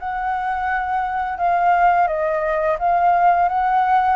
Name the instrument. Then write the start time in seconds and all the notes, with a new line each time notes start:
flute
0.00 F#5
1.38 F5
2.08 D#5
2.80 F5
3.49 F#5